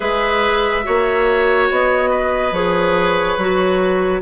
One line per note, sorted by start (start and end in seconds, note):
0.00 0.85 G#3
0.00 0.83 G#4
0.00 0.85 B4
0.00 1.68 E5
0.83 1.70 A#3
0.83 2.52 F#4
0.83 2.10 C#5
1.70 2.51 B3
1.70 2.54 D#5
2.10 4.21 B4
2.51 3.36 F3
2.51 3.38 G#4
2.51 4.21 C#5
3.37 4.21 F#3
3.37 4.21 F#4